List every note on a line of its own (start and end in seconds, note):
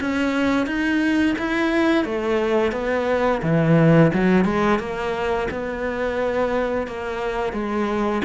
0.00 0.66 C#4
0.66 1.35 D#4
1.38 2.04 E4
2.04 2.72 A3
2.72 3.41 B3
3.42 4.11 E3
4.13 4.44 F#3
4.44 4.79 G#3
4.79 5.48 A#3
5.50 6.87 B3
6.87 7.53 A#3
7.53 8.22 G#3